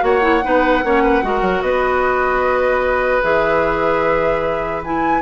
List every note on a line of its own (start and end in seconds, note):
0.00 0.43 A#3
0.00 0.20 F#4
0.00 0.44 C#5
0.00 1.62 F#5
0.21 0.41 E4
0.43 0.84 B3
0.43 0.83 D#4
0.43 0.84 B4
0.84 1.23 A#3
0.84 1.22 C#4
0.84 1.03 C#5
1.03 1.23 B4
1.22 1.41 G#3
1.22 3.22 F#4
1.22 1.64 A#4
1.41 1.61 F#3
1.62 3.22 B3
1.62 5.22 B4
1.62 3.22 D#5
3.22 5.22 E3
3.22 4.82 G#4
3.22 4.83 E5
4.84 5.22 E4
4.84 5.22 G#5